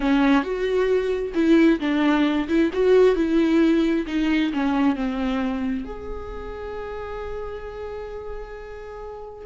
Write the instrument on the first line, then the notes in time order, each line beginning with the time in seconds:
viola
0.00 C#4
0.43 F#4
1.34 E4
1.80 D4
2.48 E4
2.73 F#4
3.15 E4
4.07 D#4
4.53 C#4
4.95 C4
5.84 G#4